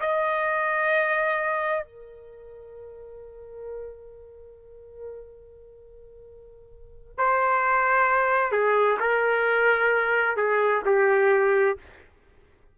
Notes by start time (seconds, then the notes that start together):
0.00 D#5
1.84 A#4
7.17 C5
8.51 G#4
9.00 A#4
10.36 G#4
10.85 G4